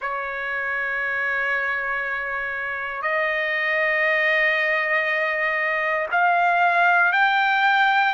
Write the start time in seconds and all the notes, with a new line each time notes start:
0.00 C#5
3.01 D#5
6.11 F5
7.12 G5